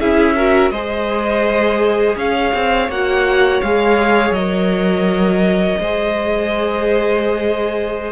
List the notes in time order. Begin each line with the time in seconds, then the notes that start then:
0.00 C#4 E4 G#4 E5
0.36 F#4 A#4
0.71 G#3 G#4 C5 D#5
2.16 C#4 C#5 F5
2.54 C4
2.89 A#3 F#4 F#5
3.61 G#3 G#4 F5
4.31 F#3 A#4 D#5
5.79 G#3 G#4 C5